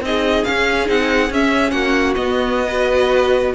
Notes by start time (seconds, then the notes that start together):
0.00 C4 D#4 G#4 D#5
0.44 C#4 F5
0.86 C4 D#4 F#5
1.30 C#4 E5
1.70 A#3 F#4 F#5
2.15 B3 D#5
2.67 F#4 B4